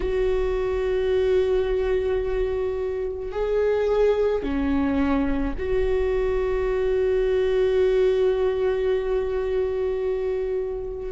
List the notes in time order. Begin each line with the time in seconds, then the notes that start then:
0.00 F#4
3.31 G#4
4.42 C#4
5.58 F#4